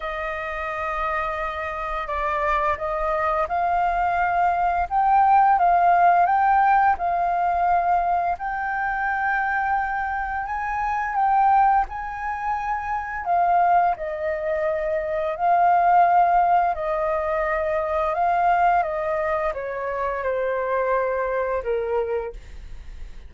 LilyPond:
\new Staff \with { instrumentName = "flute" } { \time 4/4 \tempo 4 = 86 dis''2. d''4 | dis''4 f''2 g''4 | f''4 g''4 f''2 | g''2. gis''4 |
g''4 gis''2 f''4 | dis''2 f''2 | dis''2 f''4 dis''4 | cis''4 c''2 ais'4 | }